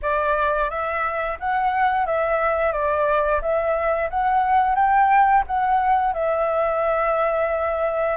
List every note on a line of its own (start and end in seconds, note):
0.02 0.70 D5
0.70 1.38 E5
1.39 2.05 F#5
2.05 2.72 E5
2.72 3.40 D5
3.41 4.09 E5
4.09 4.75 F#5
4.75 5.43 G5
5.46 6.13 F#5
6.13 8.17 E5